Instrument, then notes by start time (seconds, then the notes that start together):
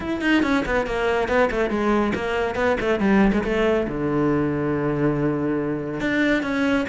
cello
0.00 E4
0.21 D#4
0.42 C#4
0.65 B3
0.86 A#3
1.28 B3
1.50 A3
1.70 G#3
2.14 A#3
2.55 B3
2.80 A3
2.99 G3
3.32 G#3
3.44 A3
3.87 D3
6.00 D4
6.42 C#4